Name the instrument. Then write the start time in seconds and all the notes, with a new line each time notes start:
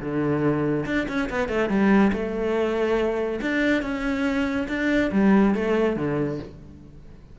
cello
0.00 D3
0.85 D4
1.08 C#4
1.29 B3
1.48 A3
1.69 G3
2.12 A3
3.41 D4
3.82 C#4
4.68 D4
5.12 G3
5.54 A3
5.96 D3